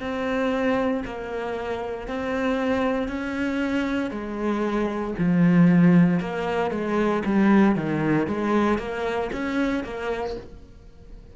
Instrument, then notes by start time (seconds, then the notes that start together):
cello
0.00 C4
1.05 A#3
2.08 C4
3.08 C#4
4.11 G#3
5.19 F3
6.20 A#3
6.71 G#3
7.26 G3
7.76 D#3
8.28 G#3
8.79 A#3
9.32 C#4
9.84 A#3